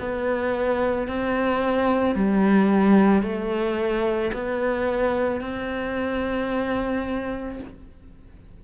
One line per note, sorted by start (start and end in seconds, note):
0.00 1.08 B3
1.08 2.16 C4
2.16 3.22 G3
3.22 4.31 A3
4.33 5.41 B3
5.41 7.59 C4